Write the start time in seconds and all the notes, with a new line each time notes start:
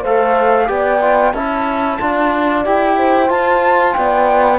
0.00 A3 A4 C5 F5
0.66 B3 G4 D5 G5
1.01 F4
1.34 C#4 E4 E5 A5
2.00 D4 F4 D5
2.65 E4 G4 G5
2.97 C5
3.27 F4 A5
3.93 B3 D5 G5